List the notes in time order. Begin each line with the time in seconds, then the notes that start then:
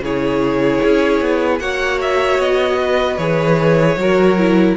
0.00 C#3 E4 G#4 C#5
0.84 C#4
1.21 B3
1.59 A#3 F#4 C#5 F#5
2.01 E5
2.39 B3 D#5
2.80 B4
3.17 E3 G#4 C#5
3.96 F#3 F#4 A#4
4.38 E4